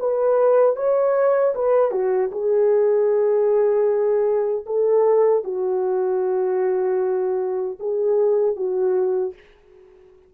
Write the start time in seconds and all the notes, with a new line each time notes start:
0.00 B4
0.77 C#5
1.55 B4
1.92 F#4
2.32 G#4
4.66 A4
5.45 F#4
7.80 G#4
8.56 F#4